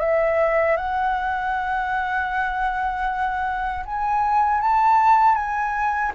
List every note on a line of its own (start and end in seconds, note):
0.00 0.77 E5
0.77 3.84 F#5
3.86 4.61 G#5
4.61 5.35 A5
5.35 6.12 G#5